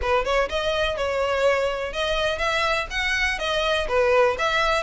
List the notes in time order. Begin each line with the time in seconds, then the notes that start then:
0.01 B4
0.24 C#5
0.49 D#5
0.96 C#5
1.92 D#5
2.38 E5
2.90 F#5
3.38 D#5
3.88 B4
4.38 E5